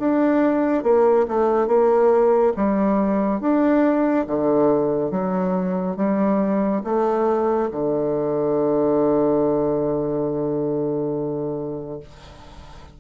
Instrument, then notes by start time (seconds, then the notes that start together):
bassoon
0.00 D4
0.84 A#3
1.29 A3
1.68 A#3
2.57 G3
3.41 D4
4.27 D3
5.11 F#3
5.97 G3
6.84 A3
7.72 D3